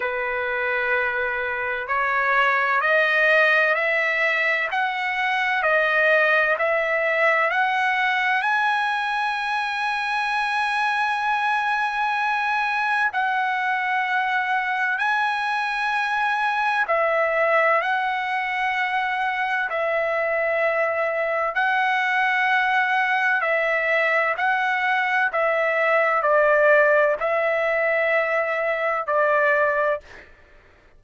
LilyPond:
\new Staff \with { instrumentName = "trumpet" } { \time 4/4 \tempo 4 = 64 b'2 cis''4 dis''4 | e''4 fis''4 dis''4 e''4 | fis''4 gis''2.~ | gis''2 fis''2 |
gis''2 e''4 fis''4~ | fis''4 e''2 fis''4~ | fis''4 e''4 fis''4 e''4 | d''4 e''2 d''4 | }